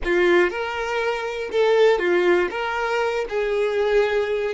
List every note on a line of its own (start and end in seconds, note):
0.04 0.50 F4
0.50 1.50 A#4
1.51 1.98 A4
1.98 2.48 F4
2.50 3.25 A#4
3.29 4.54 G#4